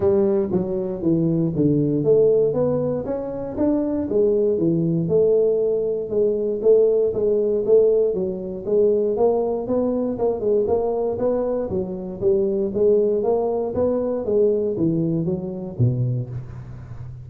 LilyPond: \new Staff \with { instrumentName = "tuba" } { \time 4/4 \tempo 4 = 118 g4 fis4 e4 d4 | a4 b4 cis'4 d'4 | gis4 e4 a2 | gis4 a4 gis4 a4 |
fis4 gis4 ais4 b4 | ais8 gis8 ais4 b4 fis4 | g4 gis4 ais4 b4 | gis4 e4 fis4 b,4 | }